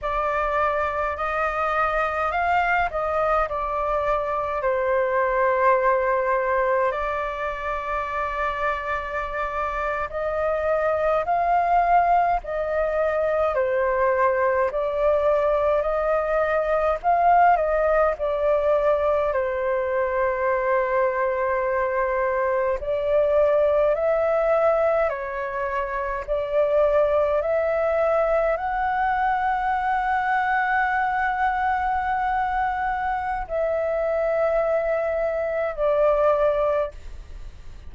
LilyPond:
\new Staff \with { instrumentName = "flute" } { \time 4/4 \tempo 4 = 52 d''4 dis''4 f''8 dis''8 d''4 | c''2 d''2~ | d''8. dis''4 f''4 dis''4 c''16~ | c''8. d''4 dis''4 f''8 dis''8 d''16~ |
d''8. c''2. d''16~ | d''8. e''4 cis''4 d''4 e''16~ | e''8. fis''2.~ fis''16~ | fis''4 e''2 d''4 | }